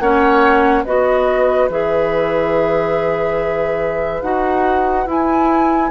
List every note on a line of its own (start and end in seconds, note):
0.00 0.85 A#3
0.00 0.86 C#4
0.00 0.84 C#5
0.00 0.85 F#5
0.84 1.70 B3
0.84 1.71 F#4
0.84 5.91 B4
0.84 1.70 D#5
1.70 4.23 E3
1.70 4.23 G#4
1.70 4.23 E5
4.23 5.07 D#4
4.23 5.07 F#4
4.23 5.07 F#5
5.07 5.91 E4
5.07 5.91 G#5